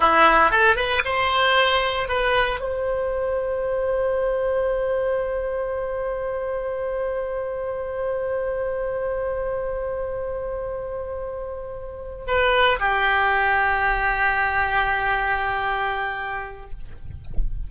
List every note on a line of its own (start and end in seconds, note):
0.00 0.50 E4
0.50 0.76 A4
0.76 1.02 B4
1.04 2.08 C5
2.08 2.60 B4
2.60 12.25 C5
12.27 12.79 B4
12.79 16.70 G4